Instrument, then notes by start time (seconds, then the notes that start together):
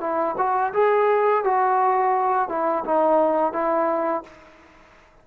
trombone
0.00 E4
0.37 F#4
0.73 G#4
1.43 F#4
2.48 E4
2.84 D#4
3.52 E4